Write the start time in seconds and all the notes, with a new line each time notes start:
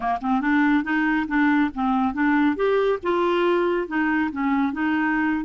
0.00 A#3
0.21 C4
0.40 D4
0.83 D#4
1.27 D4
1.74 C4
2.13 D4
2.56 G4
3.03 F4
3.87 D#4
4.31 C#4
4.72 D#4